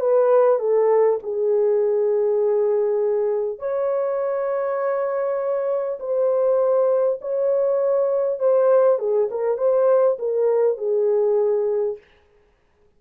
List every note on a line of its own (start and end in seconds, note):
0.00 0.59 B4
0.59 1.19 A4
1.22 3.59 G#4
3.59 5.99 C#5
6.00 7.20 C5
7.21 8.39 C#5
8.39 8.99 C5
8.99 9.29 G#4
9.31 9.58 A#4
9.58 10.18 C5
10.19 10.78 A#4
10.78 11.98 G#4